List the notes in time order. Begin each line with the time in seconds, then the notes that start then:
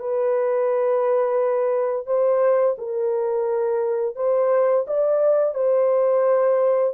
0.00 B4
2.07 C5
2.78 A#4
4.16 C5
4.87 D5
5.55 C5